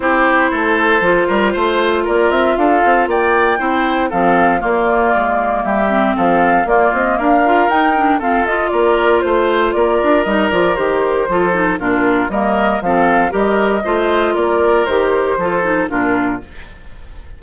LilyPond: <<
  \new Staff \with { instrumentName = "flute" } { \time 4/4 \tempo 4 = 117 c''1 | d''8 e''8 f''4 g''2 | f''4 d''2 e''4 | f''4 d''8 dis''8 f''4 g''4 |
f''8 dis''8 d''4 c''4 d''4 | dis''8 d''8 c''2 ais'4 | dis''4 f''4 dis''2 | d''4 c''2 ais'4 | }
  \new Staff \with { instrumentName = "oboe" } { \time 4/4 g'4 a'4. ais'8 c''4 | ais'4 a'4 d''4 c''4 | a'4 f'2 g'4 | a'4 f'4 ais'2 |
a'4 ais'4 c''4 ais'4~ | ais'2 a'4 f'4 | ais'4 a'4 ais'4 c''4 | ais'2 a'4 f'4 | }
  \new Staff \with { instrumentName = "clarinet" } { \time 4/4 e'2 f'2~ | f'2. e'4 | c'4 ais2~ ais8 c'8~ | c'4 ais4. f'8 dis'8 d'8 |
c'8 f'2.~ f'8 | dis'8 f'8 g'4 f'8 dis'8 d'4 | ais4 c'4 g'4 f'4~ | f'4 g'4 f'8 dis'8 d'4 | }
  \new Staff \with { instrumentName = "bassoon" } { \time 4/4 c'4 a4 f8 g8 a4 | ais8 c'8 d'8 c'8 ais4 c'4 | f4 ais4 gis4 g4 | f4 ais8 c'8 d'4 dis'4 |
f'4 ais4 a4 ais8 d'8 | g8 f8 dis4 f4 ais,4 | g4 f4 g4 a4 | ais4 dis4 f4 ais,4 | }
>>